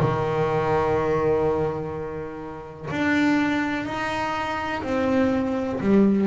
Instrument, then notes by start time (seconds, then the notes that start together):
double bass
0.00 D#3
2.91 D4
3.86 D#4
4.83 C4
5.81 G3